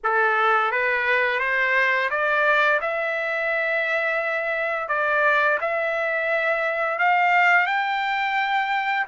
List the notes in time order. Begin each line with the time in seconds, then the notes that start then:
0.03 A4
0.71 B4
1.39 C5
2.10 D5
2.81 E5
4.88 D5
5.60 E5
6.99 F5
7.66 G5